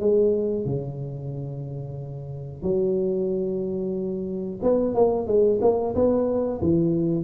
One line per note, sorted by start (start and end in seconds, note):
0.00 0.66 G#3
0.66 2.63 C#3
2.63 4.60 F#3
4.62 4.95 B3
4.95 5.27 A#3
5.27 5.60 G#3
5.62 5.95 A#3
5.95 6.61 B3
6.61 7.24 E3